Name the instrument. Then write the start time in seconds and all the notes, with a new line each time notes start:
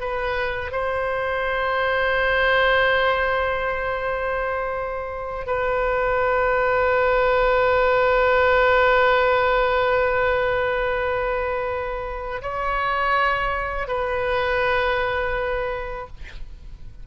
oboe
0.00 B4
0.72 C5
5.46 B4
12.42 C#5
13.88 B4